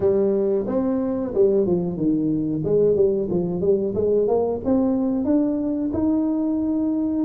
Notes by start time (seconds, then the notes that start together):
0.00 G3
0.67 C4
1.34 G3
1.66 F3
1.96 D#3
2.64 G#3
2.95 G3
3.30 F3
3.61 G3
3.94 G#3
4.27 A#3
4.64 C4
5.24 D4
5.93 D#4